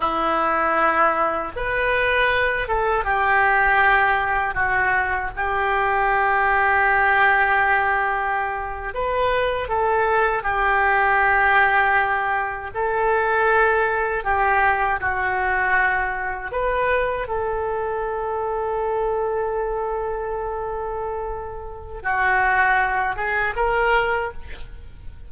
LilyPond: \new Staff \with { instrumentName = "oboe" } { \time 4/4 \tempo 4 = 79 e'2 b'4. a'8 | g'2 fis'4 g'4~ | g'2.~ g'8. b'16~ | b'8. a'4 g'2~ g'16~ |
g'8. a'2 g'4 fis'16~ | fis'4.~ fis'16 b'4 a'4~ a'16~ | a'1~ | a'4 fis'4. gis'8 ais'4 | }